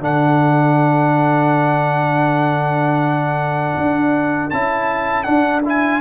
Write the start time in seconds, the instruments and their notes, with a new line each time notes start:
0.00 tuba D3, trombone D4, horn A4, trumpet F#5
3.77 tuba D4
4.50 tuba C#4, trombone E4, trumpet A5
5.23 trombone D4, tuba D4, trumpet F#5
5.65 trombone E4, trumpet G#5